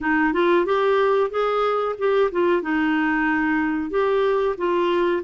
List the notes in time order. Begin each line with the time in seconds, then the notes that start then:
0.00 D#4
0.33 F4
0.65 G4
1.30 G#4
1.98 G4
2.31 F4
2.61 D#4
3.90 G4
4.57 F4